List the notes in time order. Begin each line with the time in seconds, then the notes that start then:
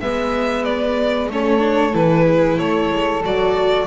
0.00 G#3 B3 B4 E5
0.64 D5
1.30 A3 C#4 A4 C#5
1.59 D4
1.93 E3 E4 B4
2.24 G#4
2.58 A3 A4 C#5
2.91 G#3
3.24 F#3 F#4 D5